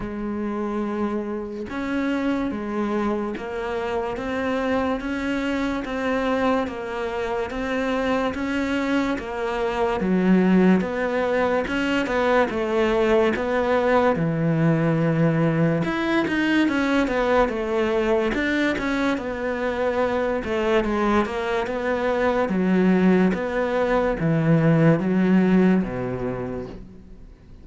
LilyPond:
\new Staff \with { instrumentName = "cello" } { \time 4/4 \tempo 4 = 72 gis2 cis'4 gis4 | ais4 c'4 cis'4 c'4 | ais4 c'4 cis'4 ais4 | fis4 b4 cis'8 b8 a4 |
b4 e2 e'8 dis'8 | cis'8 b8 a4 d'8 cis'8 b4~ | b8 a8 gis8 ais8 b4 fis4 | b4 e4 fis4 b,4 | }